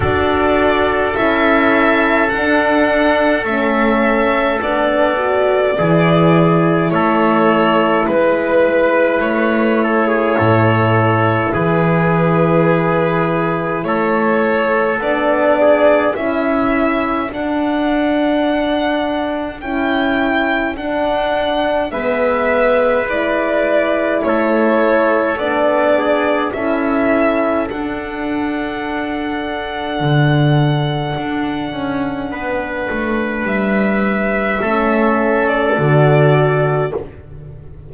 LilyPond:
<<
  \new Staff \with { instrumentName = "violin" } { \time 4/4 \tempo 4 = 52 d''4 e''4 fis''4 e''4 | d''2 cis''4 b'4 | cis''2 b'2 | cis''4 d''4 e''4 fis''4~ |
fis''4 g''4 fis''4 e''4 | d''4 cis''4 d''4 e''4 | fis''1~ | fis''4 e''4.~ e''16 d''4~ d''16 | }
  \new Staff \with { instrumentName = "trumpet" } { \time 4/4 a'1~ | a'4 gis'4 a'4 b'4~ | b'8 a'16 gis'16 a'4 gis'2 | a'4. gis'8 a'2~ |
a'2. b'4~ | b'4 a'4. gis'8 a'4~ | a'1 | b'2 a'2 | }
  \new Staff \with { instrumentName = "horn" } { \time 4/4 fis'4 e'4 d'4 cis'4 | d'8 fis'8 e'2.~ | e'1~ | e'4 d'4 e'4 d'4~ |
d'4 e'4 d'4 b4 | e'2 d'4 e'4 | d'1~ | d'2 cis'4 fis'4 | }
  \new Staff \with { instrumentName = "double bass" } { \time 4/4 d'4 cis'4 d'4 a4 | b4 e4 a4 gis4 | a4 a,4 e2 | a4 b4 cis'4 d'4~ |
d'4 cis'4 d'4 gis4~ | gis4 a4 b4 cis'4 | d'2 d4 d'8 cis'8 | b8 a8 g4 a4 d4 | }
>>